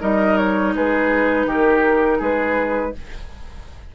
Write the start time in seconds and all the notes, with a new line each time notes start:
0.00 G3 D#4 A#4 D#5
0.38 C#5
0.75 G#3 G#4 B4
1.46 D#3 G4 A#4
2.19 G#3 G#4 B4